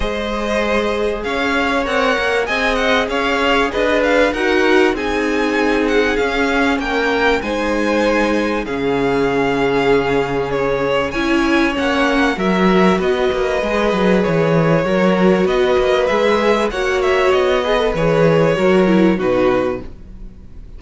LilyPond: <<
  \new Staff \with { instrumentName = "violin" } { \time 4/4 \tempo 4 = 97 dis''2 f''4 fis''4 | gis''8 fis''8 f''4 dis''8 f''8 fis''4 | gis''4. fis''8 f''4 g''4 | gis''2 f''2~ |
f''4 cis''4 gis''4 fis''4 | e''4 dis''2 cis''4~ | cis''4 dis''4 e''4 fis''8 e''8 | dis''4 cis''2 b'4 | }
  \new Staff \with { instrumentName = "violin" } { \time 4/4 c''2 cis''2 | dis''4 cis''4 b'4 ais'4 | gis'2. ais'4 | c''2 gis'2~ |
gis'2 cis''2 | ais'4 b'2. | ais'4 b'2 cis''4~ | cis''8 b'4. ais'4 fis'4 | }
  \new Staff \with { instrumentName = "viola" } { \time 4/4 gis'2. ais'4 | gis'2. fis'4 | dis'2 cis'2 | dis'2 cis'2~ |
cis'2 e'4 cis'4 | fis'2 gis'2 | fis'2 gis'4 fis'4~ | fis'8 gis'16 a'16 gis'4 fis'8 e'8 dis'4 | }
  \new Staff \with { instrumentName = "cello" } { \time 4/4 gis2 cis'4 c'8 ais8 | c'4 cis'4 d'4 dis'4 | c'2 cis'4 ais4 | gis2 cis2~ |
cis2 cis'4 ais4 | fis4 b8 ais8 gis8 fis8 e4 | fis4 b8 ais8 gis4 ais4 | b4 e4 fis4 b,4 | }
>>